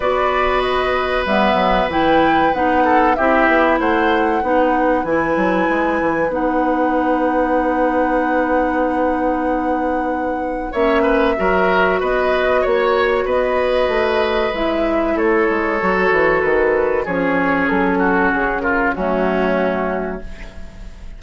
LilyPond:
<<
  \new Staff \with { instrumentName = "flute" } { \time 4/4 \tempo 4 = 95 d''4 dis''4 e''4 g''4 | fis''4 e''4 fis''2 | gis''2 fis''2~ | fis''1~ |
fis''4 e''2 dis''4 | cis''4 dis''2 e''4 | cis''2 b'4 cis''4 | a'4 gis'8 ais'8 fis'2 | }
  \new Staff \with { instrumentName = "oboe" } { \time 4/4 b'1~ | b'8 a'8 g'4 c''4 b'4~ | b'1~ | b'1~ |
b'4 cis''8 b'8 ais'4 b'4 | cis''4 b'2. | a'2. gis'4~ | gis'8 fis'4 f'8 cis'2 | }
  \new Staff \with { instrumentName = "clarinet" } { \time 4/4 fis'2 b4 e'4 | dis'4 e'2 dis'4 | e'2 dis'2~ | dis'1~ |
dis'4 cis'4 fis'2~ | fis'2. e'4~ | e'4 fis'2 cis'4~ | cis'2 a2 | }
  \new Staff \with { instrumentName = "bassoon" } { \time 4/4 b2 g8 fis8 e4 | b4 c'8 b8 a4 b4 | e8 fis8 gis8 e8 b2~ | b1~ |
b4 ais4 fis4 b4 | ais4 b4 a4 gis4 | a8 gis8 fis8 e8 dis4 f4 | fis4 cis4 fis2 | }
>>